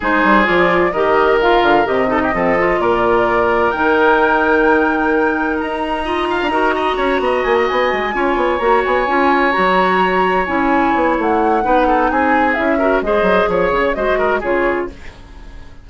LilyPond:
<<
  \new Staff \with { instrumentName = "flute" } { \time 4/4 \tempo 4 = 129 c''4 d''4 dis''4 f''4 | dis''2 d''2 | g''1 | ais''1 |
gis''16 ais''16 gis''2 ais''8 gis''4~ | gis''8 ais''2 gis''4. | fis''2 gis''4 e''4 | dis''4 cis''4 dis''4 cis''4 | }
  \new Staff \with { instrumentName = "oboe" } { \time 4/4 gis'2 ais'2~ | ais'8 a'16 g'16 a'4 ais'2~ | ais'1~ | ais'4 dis''8 f''8 ais'8 dis''8 cis''8 dis''8~ |
dis''4. cis''2~ cis''8~ | cis''1~ | cis''4 b'8 a'8 gis'4. ais'8 | c''4 cis''4 c''8 ais'8 gis'4 | }
  \new Staff \with { instrumentName = "clarinet" } { \time 4/4 dis'4 f'4 g'4 f'4 | g'8 dis'8 c'8 f'2~ f'8 | dis'1~ | dis'4 f'4 fis'2~ |
fis'4. f'4 fis'4 f'8~ | f'8 fis'2 e'4.~ | e'4 dis'2 e'8 fis'8 | gis'2 fis'4 f'4 | }
  \new Staff \with { instrumentName = "bassoon" } { \time 4/4 gis8 g8 f4 dis4. d8 | c4 f4 ais,2 | dis1 | dis'4.~ dis'16 d'16 dis'4 cis'8 b8 |
ais8 b8 gis8 cis'8 b8 ais8 b8 cis'8~ | cis'8 fis2 cis'4 b8 | a4 b4 c'4 cis'4 | gis8 fis8 f8 cis8 gis4 cis4 | }
>>